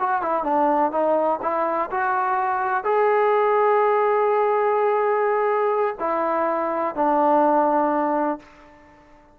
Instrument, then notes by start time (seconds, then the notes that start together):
trombone
0.00 F#4
0.22 E4
0.44 D4
0.91 D#4
1.42 E4
1.91 F#4
2.84 G#4
5.99 E4
6.95 D4